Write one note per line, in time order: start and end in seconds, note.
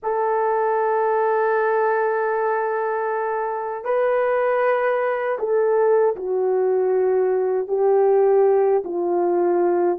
0.02 3.84 A4
3.84 5.38 B4
5.38 6.15 A4
6.15 7.67 F#4
7.67 8.83 G4
8.84 9.99 F4